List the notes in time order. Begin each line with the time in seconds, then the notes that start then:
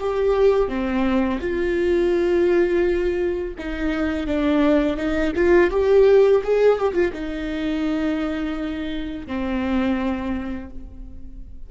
0.00 G4
0.69 C4
1.41 F4
3.59 D#4
4.27 D4
4.97 D#4
5.36 F4
5.71 G4
6.44 G#4
6.79 G4
6.94 F4
7.13 D#4
9.27 C4